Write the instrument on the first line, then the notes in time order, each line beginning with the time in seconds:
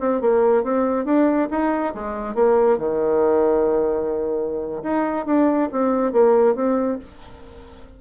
bassoon
0.00 C4
0.21 A#3
0.64 C4
1.05 D4
1.51 D#4
1.95 G#3
2.35 A#3
2.78 D#3
4.83 D#4
5.26 D4
5.72 C4
6.13 A#3
6.55 C4